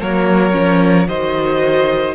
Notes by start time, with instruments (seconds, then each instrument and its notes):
0.00 cello F#3, viola A#3, violin A#4 C#5
0.52 cello F3, viola C#4
1.07 cello D#3, viola F#4, violin C5 D#5